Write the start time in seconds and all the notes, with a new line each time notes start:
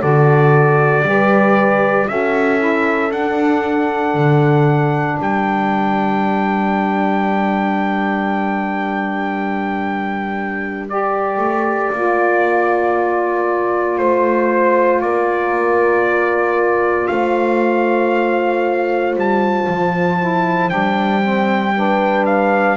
0.00 D3 F#4 A4 D5
1.03 G3 G4 B4
2.08 C#4 F#4 A4 E5
2.58 E4
3.11 D4 F#5
4.14 D3
5.19 G3 A#4 G5
10.89 G4 D5
11.38 A3
11.93 A#3 F4
13.98 A3 C5
15.01 A#3 A#4 D5
17.08 A3 C5 F5
19.16 G3 A5
19.69 F3
20.20 E4
20.70 G3 D4 G5
21.22 C4
21.76 D4 B4
22.26 F5